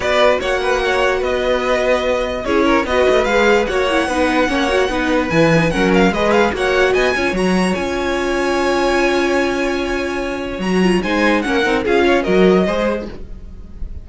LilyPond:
<<
  \new Staff \with { instrumentName = "violin" } { \time 4/4 \tempo 4 = 147 d''4 fis''2 dis''4~ | dis''2 cis''4 dis''4 | f''4 fis''2.~ | fis''4 gis''4 fis''8 f''8 dis''8 f''8 |
fis''4 gis''4 ais''4 gis''4~ | gis''1~ | gis''2 ais''4 gis''4 | fis''4 f''4 dis''2 | }
  \new Staff \with { instrumentName = "violin" } { \time 4/4 b'4 cis''8 b'8 cis''4 b'4~ | b'2 gis'8 ais'8 b'4~ | b'4 cis''4 b'4 cis''4 | b'2 ais'4 b'4 |
cis''4 dis''8 cis''2~ cis''8~ | cis''1~ | cis''2. c''4 | ais'4 gis'8 cis''8 ais'4 c''4 | }
  \new Staff \with { instrumentName = "viola" } { \time 4/4 fis'1~ | fis'2 e'4 fis'4 | gis'4 fis'8 e'8 dis'4 cis'8 fis'8 | dis'4 e'8 dis'8 cis'4 gis'4 |
fis'4. f'8 fis'4 f'4~ | f'1~ | f'2 fis'8 f'8 dis'4 | cis'8 dis'8 f'4 fis'4 gis'4 | }
  \new Staff \with { instrumentName = "cello" } { \time 4/4 b4 ais2 b4~ | b2 cis'4 b8 a8 | gis4 ais4 b4 ais4 | b4 e4 fis4 gis4 |
ais4 b8 cis'8 fis4 cis'4~ | cis'1~ | cis'2 fis4 gis4 | ais8 c'8 cis'4 fis4 gis4 | }
>>